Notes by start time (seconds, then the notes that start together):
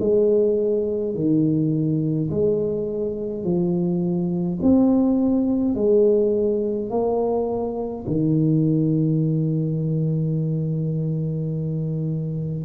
0.00 G#3
1.14 D#3
2.30 G#3
3.44 F3
4.63 C4
5.75 G#3
6.90 A#3
8.07 D#3